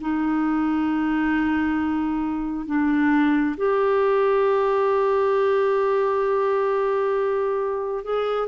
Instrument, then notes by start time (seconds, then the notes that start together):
clarinet
0.00 D#4
2.66 D4
3.57 G4
8.04 G#4